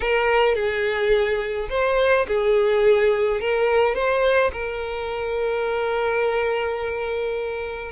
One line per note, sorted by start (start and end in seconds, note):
0.00 0.55 A#4
0.55 1.68 G#4
1.69 2.26 C5
2.27 3.40 G#4
3.40 3.94 A#4
3.94 4.51 C5
4.52 7.91 A#4